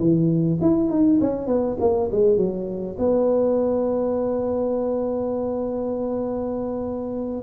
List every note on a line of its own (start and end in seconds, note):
0.00 0.59 E3
0.61 0.90 E4
0.90 1.20 D#4
1.21 1.47 C#4
1.47 1.77 B3
1.80 2.10 A#3
2.12 2.37 G#3
2.37 2.96 F#3
2.99 7.43 B3